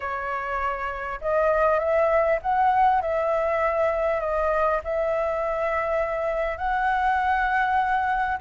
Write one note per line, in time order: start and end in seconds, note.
0.00 1.20 C#5
1.21 1.79 D#5
1.79 2.39 E5
2.42 3.01 F#5
3.01 4.20 E5
4.20 4.80 D#5
4.84 6.57 E5
6.57 8.37 F#5